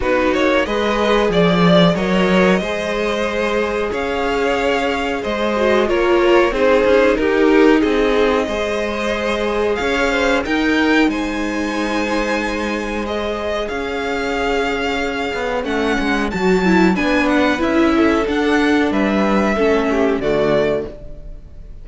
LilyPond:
<<
  \new Staff \with { instrumentName = "violin" } { \time 4/4 \tempo 4 = 92 b'8 cis''8 dis''4 d''4 dis''4~ | dis''2 f''2 | dis''4 cis''4 c''4 ais'4 | dis''2. f''4 |
g''4 gis''2. | dis''4 f''2. | fis''4 a''4 gis''8 fis''8 e''4 | fis''4 e''2 d''4 | }
  \new Staff \with { instrumentName = "violin" } { \time 4/4 fis'4 b'4 d''4 cis''4 | c''2 cis''2 | c''4 ais'4 gis'4 g'4 | gis'4 c''2 cis''8 c''8 |
ais'4 c''2.~ | c''4 cis''2.~ | cis''2 b'4. a'8~ | a'4 b'4 a'8 g'8 fis'4 | }
  \new Staff \with { instrumentName = "viola" } { \time 4/4 dis'4 gis'2 ais'4 | gis'1~ | gis'8 fis'8 f'4 dis'2~ | dis'4 gis'2. |
dis'1 | gis'1 | cis'4 fis'8 e'8 d'4 e'4 | d'2 cis'4 a4 | }
  \new Staff \with { instrumentName = "cello" } { \time 4/4 b8 ais8 gis4 f4 fis4 | gis2 cis'2 | gis4 ais4 c'8 cis'8 dis'4 | c'4 gis2 cis'4 |
dis'4 gis2.~ | gis4 cis'2~ cis'8 b8 | a8 gis8 fis4 b4 cis'4 | d'4 g4 a4 d4 | }
>>